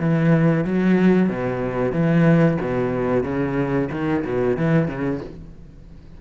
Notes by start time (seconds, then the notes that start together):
0.00 E3
0.65 F#3
1.29 B2
1.92 E3
2.61 B2
3.23 C#3
3.92 D#3
4.24 B2
4.57 E3
4.88 C#3